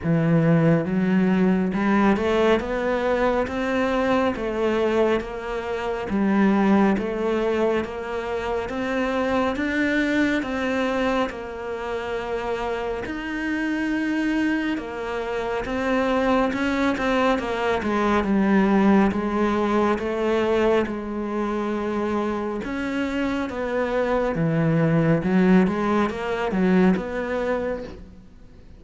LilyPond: \new Staff \with { instrumentName = "cello" } { \time 4/4 \tempo 4 = 69 e4 fis4 g8 a8 b4 | c'4 a4 ais4 g4 | a4 ais4 c'4 d'4 | c'4 ais2 dis'4~ |
dis'4 ais4 c'4 cis'8 c'8 | ais8 gis8 g4 gis4 a4 | gis2 cis'4 b4 | e4 fis8 gis8 ais8 fis8 b4 | }